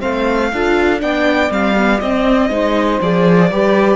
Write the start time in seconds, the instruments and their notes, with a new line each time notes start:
0.00 cello A3, viola C4, saxophone C5, violin F5
0.51 cello D4, viola F4, saxophone A4
1.00 cello B3, viola D4, saxophone D5, violin G5
1.50 cello G3, viola C4, violin F5
1.76 viola B3
2.00 cello C4, viola C4, violin D#5
2.49 cello G#3, viola D#4, saxophone C5
3.01 cello F3, viola G#4, violin D5
3.50 cello G3, viola G4, saxophone B4